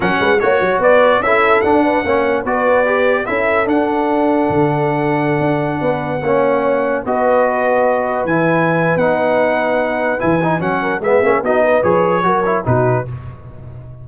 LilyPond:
<<
  \new Staff \with { instrumentName = "trumpet" } { \time 4/4 \tempo 4 = 147 fis''4 cis''4 d''4 e''4 | fis''2 d''2 | e''4 fis''2.~ | fis''1~ |
fis''4~ fis''16 dis''2~ dis''8.~ | dis''16 gis''4.~ gis''16 fis''2~ | fis''4 gis''4 fis''4 e''4 | dis''4 cis''2 b'4 | }
  \new Staff \with { instrumentName = "horn" } { \time 4/4 ais'8 b'8 cis''4 b'4 a'4~ | a'8 b'8 cis''4 b'2 | a'1~ | a'2~ a'16 b'4 cis''8.~ |
cis''4~ cis''16 b'2~ b'8.~ | b'1~ | b'2~ b'8 ais'8 gis'4 | fis'8 b'4. ais'4 fis'4 | }
  \new Staff \with { instrumentName = "trombone" } { \time 4/4 cis'4 fis'2 e'4 | d'4 cis'4 fis'4 g'4 | e'4 d'2.~ | d'2.~ d'16 cis'8.~ |
cis'4~ cis'16 fis'2~ fis'8.~ | fis'16 e'4.~ e'16 dis'2~ | dis'4 e'8 dis'8 cis'4 b8 cis'8 | dis'4 gis'4 fis'8 e'8 dis'4 | }
  \new Staff \with { instrumentName = "tuba" } { \time 4/4 fis8 gis8 ais8 fis8 b4 cis'4 | d'4 ais4 b2 | cis'4 d'2 d4~ | d4~ d16 d'4 b4 ais8.~ |
ais4~ ais16 b2~ b8.~ | b16 e4.~ e16 b2~ | b4 e4 fis4 gis8 ais8 | b4 f4 fis4 b,4 | }
>>